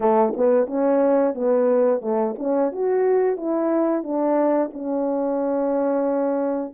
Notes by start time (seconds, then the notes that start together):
0.00 A3
0.36 B3
0.66 C#4
1.34 B3
2.01 A3
2.38 C#4
2.72 F#4
3.36 E4
4.03 D4
4.73 C#4